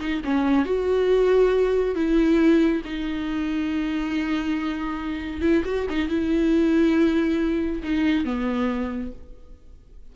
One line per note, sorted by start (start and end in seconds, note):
0.00 0.22 D#4
0.25 0.65 C#4
0.65 1.95 F#4
1.95 2.82 E4
2.85 5.41 D#4
5.41 5.63 E4
5.65 5.87 F#4
5.90 6.09 D#4
6.09 7.83 E4
7.83 8.25 D#4
8.25 9.12 B3